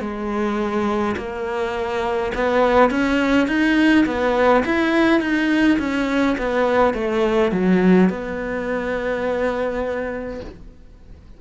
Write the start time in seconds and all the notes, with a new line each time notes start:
0.00 G#3
1.16 A#3
2.35 B3
2.91 C#4
3.47 D#4
4.06 B3
4.65 E4
5.20 D#4
5.78 C#4
6.38 B3
6.94 A3
7.52 F#3
8.10 B3